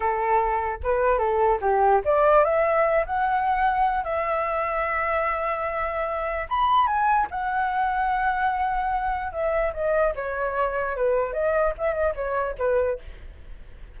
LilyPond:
\new Staff \with { instrumentName = "flute" } { \time 4/4 \tempo 4 = 148 a'2 b'4 a'4 | g'4 d''4 e''4. fis''8~ | fis''2 e''2~ | e''1 |
b''4 gis''4 fis''2~ | fis''2. e''4 | dis''4 cis''2 b'4 | dis''4 e''8 dis''8 cis''4 b'4 | }